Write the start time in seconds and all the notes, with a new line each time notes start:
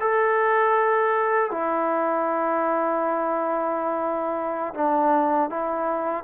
0.00 A4
1.51 E4
4.74 D4
5.50 E4